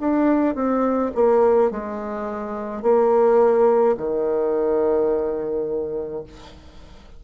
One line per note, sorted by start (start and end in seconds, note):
0.00 0.55 D4
0.55 1.11 C4
1.15 1.71 A#3
1.71 2.83 G#3
2.83 3.96 A#3
3.97 6.24 D#3